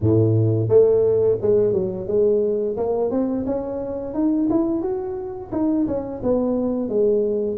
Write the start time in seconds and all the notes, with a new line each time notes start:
0.00 A2
0.69 A3
1.41 G#3
1.72 F#3
2.07 G#3
2.76 A#3
3.10 C4
3.45 C#4
4.14 D#4
4.50 E4
4.81 F#4
5.52 D#4
5.87 C#4
6.23 B3
6.88 G#3